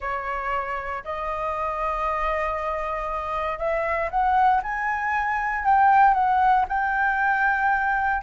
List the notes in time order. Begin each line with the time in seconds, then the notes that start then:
0.00 C#5
1.04 D#5
3.58 E5
4.10 F#5
4.62 G#5
5.64 G5
6.14 F#5
6.68 G5